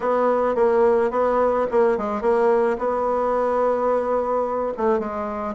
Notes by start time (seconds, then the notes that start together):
0.00 B3
0.55 A#3
1.10 B3
1.71 A#3
1.97 G#3
2.21 A#3
2.78 B3
4.77 A3
4.99 G#3